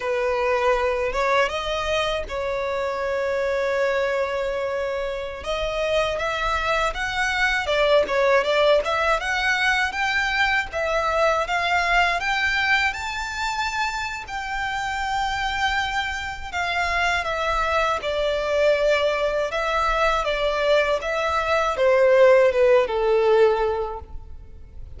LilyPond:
\new Staff \with { instrumentName = "violin" } { \time 4/4 \tempo 4 = 80 b'4. cis''8 dis''4 cis''4~ | cis''2.~ cis''16 dis''8.~ | dis''16 e''4 fis''4 d''8 cis''8 d''8 e''16~ | e''16 fis''4 g''4 e''4 f''8.~ |
f''16 g''4 a''4.~ a''16 g''4~ | g''2 f''4 e''4 | d''2 e''4 d''4 | e''4 c''4 b'8 a'4. | }